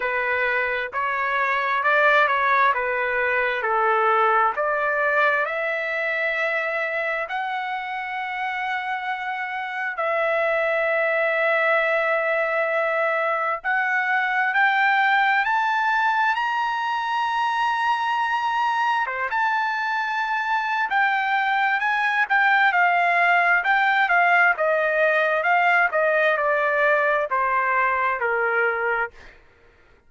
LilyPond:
\new Staff \with { instrumentName = "trumpet" } { \time 4/4 \tempo 4 = 66 b'4 cis''4 d''8 cis''8 b'4 | a'4 d''4 e''2 | fis''2. e''4~ | e''2. fis''4 |
g''4 a''4 ais''2~ | ais''4 c''16 a''4.~ a''16 g''4 | gis''8 g''8 f''4 g''8 f''8 dis''4 | f''8 dis''8 d''4 c''4 ais'4 | }